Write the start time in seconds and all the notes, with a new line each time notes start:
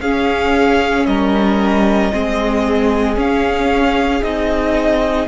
0.00 C#4 G#4 F5
1.06 G3 A#4 D#5
2.12 G#3 C4 G#4
3.15 C#4 F5
4.22 C4 D#4 D#5